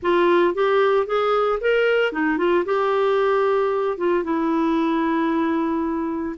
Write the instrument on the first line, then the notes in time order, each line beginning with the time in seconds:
clarinet
0.02 F4
0.54 G4
1.06 G#4
1.60 A#4
2.12 D#4
2.37 F4
2.65 G4
3.97 F4
4.23 E4